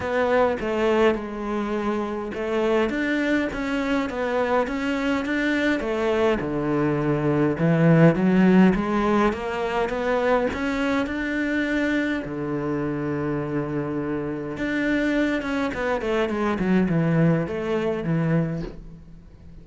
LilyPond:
\new Staff \with { instrumentName = "cello" } { \time 4/4 \tempo 4 = 103 b4 a4 gis2 | a4 d'4 cis'4 b4 | cis'4 d'4 a4 d4~ | d4 e4 fis4 gis4 |
ais4 b4 cis'4 d'4~ | d'4 d2.~ | d4 d'4. cis'8 b8 a8 | gis8 fis8 e4 a4 e4 | }